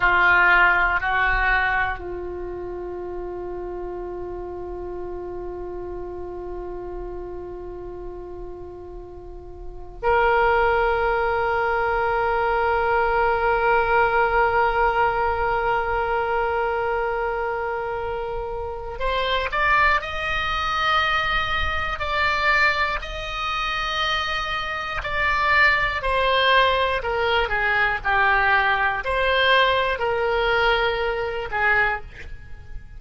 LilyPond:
\new Staff \with { instrumentName = "oboe" } { \time 4/4 \tempo 4 = 60 f'4 fis'4 f'2~ | f'1~ | f'2 ais'2~ | ais'1~ |
ais'2. c''8 d''8 | dis''2 d''4 dis''4~ | dis''4 d''4 c''4 ais'8 gis'8 | g'4 c''4 ais'4. gis'8 | }